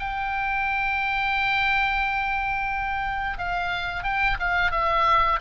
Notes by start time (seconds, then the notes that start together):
0.00 G5
3.39 F5
4.04 G5
4.40 F5
4.72 E5